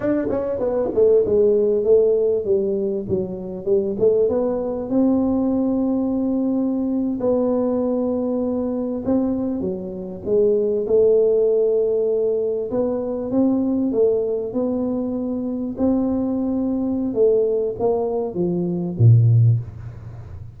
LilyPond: \new Staff \with { instrumentName = "tuba" } { \time 4/4 \tempo 4 = 98 d'8 cis'8 b8 a8 gis4 a4 | g4 fis4 g8 a8 b4 | c'2.~ c'8. b16~ | b2~ b8. c'4 fis16~ |
fis8. gis4 a2~ a16~ | a8. b4 c'4 a4 b16~ | b4.~ b16 c'2~ c'16 | a4 ais4 f4 ais,4 | }